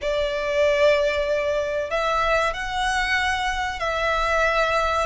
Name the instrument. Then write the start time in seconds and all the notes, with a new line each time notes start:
violin
0.01 D5
1.90 E5
2.53 F#5
3.79 E5